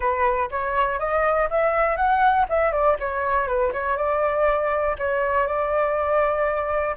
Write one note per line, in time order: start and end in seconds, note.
0.00 0.49 B4
0.50 0.99 C#5
0.99 1.48 D#5
1.49 1.96 E5
1.96 2.46 F#5
2.49 2.71 E5
2.71 2.96 D5
2.99 3.47 C#5
3.47 3.72 B4
3.72 3.96 C#5
3.96 4.96 D5
4.98 5.47 C#5
5.47 6.95 D5